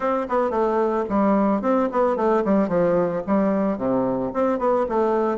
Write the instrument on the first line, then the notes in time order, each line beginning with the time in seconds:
bassoon
0.00 C4
0.29 B3
0.50 A3
1.09 G3
1.61 C4
1.91 B3
2.16 A3
2.44 G3
2.68 F3
3.27 G3
3.77 C3
4.33 C4
4.58 B3
4.88 A3